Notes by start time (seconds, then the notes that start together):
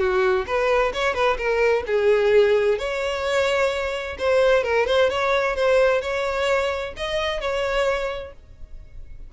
0.00 F#4
0.47 B4
0.94 C#5
1.15 B4
1.38 A#4
1.87 G#4
2.79 C#5
4.19 C5
4.64 A#4
4.87 C5
5.10 C#5
5.56 C5
6.02 C#5
6.97 D#5
7.41 C#5